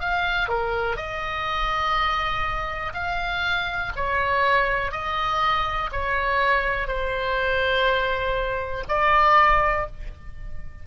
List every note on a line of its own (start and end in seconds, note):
0.00 0.48 F5
0.48 0.96 A#4
0.96 2.93 D#5
2.93 3.92 F5
3.96 4.91 C#5
4.91 5.90 D#5
5.92 6.87 C#5
6.87 8.84 C5
8.88 9.86 D5